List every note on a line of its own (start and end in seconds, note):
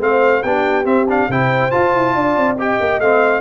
0.00 0.43 A3
0.00 0.43 C4
0.00 0.45 C5
0.00 0.43 F5
0.43 0.85 B3
0.43 0.85 D4
0.43 1.30 G4
0.43 0.85 G5
0.85 1.06 C4
0.85 1.28 C4
0.85 1.07 E5
1.09 1.30 D4
1.09 1.31 F5
1.28 1.71 C3
1.28 1.71 E4
1.28 2.15 C5
1.28 1.71 G5
1.71 2.56 F4
1.71 1.94 F4
1.71 2.56 A5
1.94 2.15 E4
2.15 2.36 D4
2.15 2.58 D5
2.36 2.79 C4
2.58 3.01 G4
2.58 3.41 D#5
2.58 3.00 G5
2.80 2.99 A#3
2.99 3.41 A3
2.99 3.41 C4
2.99 3.41 F5